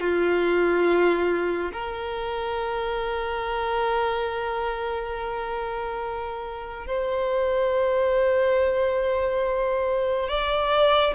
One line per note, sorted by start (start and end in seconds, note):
0.00 1.71 F4
1.73 6.86 A#4
6.86 10.28 C5
10.28 11.14 D5